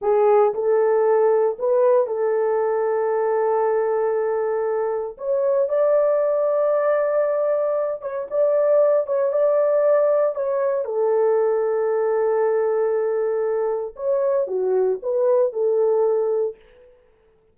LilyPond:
\new Staff \with { instrumentName = "horn" } { \time 4/4 \tempo 4 = 116 gis'4 a'2 b'4 | a'1~ | a'2 cis''4 d''4~ | d''2.~ d''8 cis''8 |
d''4. cis''8 d''2 | cis''4 a'2.~ | a'2. cis''4 | fis'4 b'4 a'2 | }